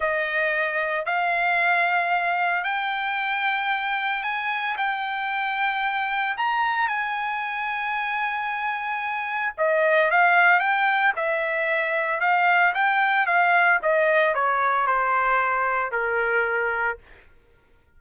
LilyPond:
\new Staff \with { instrumentName = "trumpet" } { \time 4/4 \tempo 4 = 113 dis''2 f''2~ | f''4 g''2. | gis''4 g''2. | ais''4 gis''2.~ |
gis''2 dis''4 f''4 | g''4 e''2 f''4 | g''4 f''4 dis''4 cis''4 | c''2 ais'2 | }